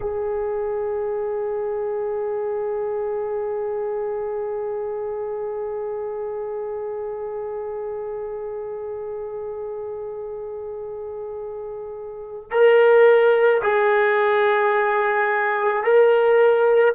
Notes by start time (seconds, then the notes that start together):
0.00 G#4
12.50 A#4
13.62 G#4
15.83 A#4